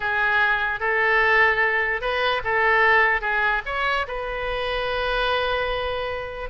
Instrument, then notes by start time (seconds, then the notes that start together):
oboe
0.00 G#4
0.80 A4
2.01 B4
2.43 A4
3.21 G#4
3.65 C#5
4.07 B4